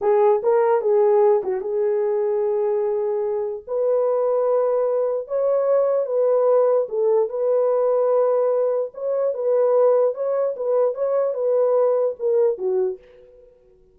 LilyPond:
\new Staff \with { instrumentName = "horn" } { \time 4/4 \tempo 4 = 148 gis'4 ais'4 gis'4. fis'8 | gis'1~ | gis'4 b'2.~ | b'4 cis''2 b'4~ |
b'4 a'4 b'2~ | b'2 cis''4 b'4~ | b'4 cis''4 b'4 cis''4 | b'2 ais'4 fis'4 | }